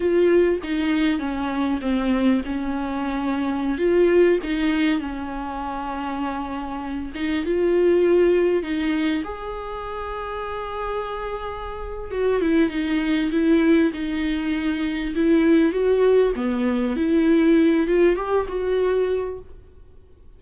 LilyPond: \new Staff \with { instrumentName = "viola" } { \time 4/4 \tempo 4 = 99 f'4 dis'4 cis'4 c'4 | cis'2~ cis'16 f'4 dis'8.~ | dis'16 cis'2.~ cis'8 dis'16~ | dis'16 f'2 dis'4 gis'8.~ |
gis'1 | fis'8 e'8 dis'4 e'4 dis'4~ | dis'4 e'4 fis'4 b4 | e'4. f'8 g'8 fis'4. | }